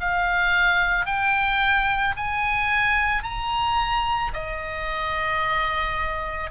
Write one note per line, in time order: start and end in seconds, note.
0.00 1.06 F5
1.06 2.15 G5
2.16 3.23 G#5
3.23 4.32 A#5
4.33 6.51 D#5